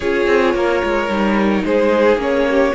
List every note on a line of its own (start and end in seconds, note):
0.00 0.26 C#4
0.00 1.09 F4
0.00 0.54 G#4
0.00 1.64 C#5
0.26 0.54 C4
0.54 0.81 A#3
0.54 1.65 A#4
0.84 1.08 G#3
1.08 1.64 G3
1.08 2.18 D#4
1.64 2.17 G#3
1.64 2.49 G#4
1.64 2.19 C5
2.17 2.72 A#3
2.17 2.73 C#4
2.17 2.74 C#5
2.50 2.74 G4